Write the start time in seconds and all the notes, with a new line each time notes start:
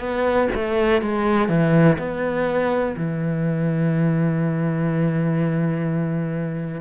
0.00 B3
0.55 A3
1.02 G#3
1.49 E3
1.99 B3
2.97 E3